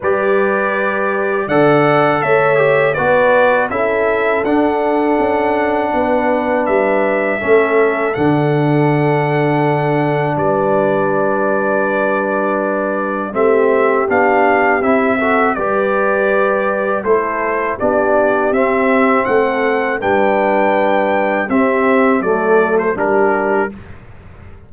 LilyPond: <<
  \new Staff \with { instrumentName = "trumpet" } { \time 4/4 \tempo 4 = 81 d''2 fis''4 e''4 | d''4 e''4 fis''2~ | fis''4 e''2 fis''4~ | fis''2 d''2~ |
d''2 e''4 f''4 | e''4 d''2 c''4 | d''4 e''4 fis''4 g''4~ | g''4 e''4 d''8. c''16 ais'4 | }
  \new Staff \with { instrumentName = "horn" } { \time 4/4 b'2 d''4 cis''4 | b'4 a'2. | b'2 a'2~ | a'2 b'2~ |
b'2 g'2~ | g'8 a'8 b'2 a'4 | g'2 a'4 b'4~ | b'4 g'4 a'4 g'4 | }
  \new Staff \with { instrumentName = "trombone" } { \time 4/4 g'2 a'4. g'8 | fis'4 e'4 d'2~ | d'2 cis'4 d'4~ | d'1~ |
d'2 c'4 d'4 | e'8 fis'8 g'2 e'4 | d'4 c'2 d'4~ | d'4 c'4 a4 d'4 | }
  \new Staff \with { instrumentName = "tuba" } { \time 4/4 g2 d4 a4 | b4 cis'4 d'4 cis'4 | b4 g4 a4 d4~ | d2 g2~ |
g2 a4 b4 | c'4 g2 a4 | b4 c'4 a4 g4~ | g4 c'4 fis4 g4 | }
>>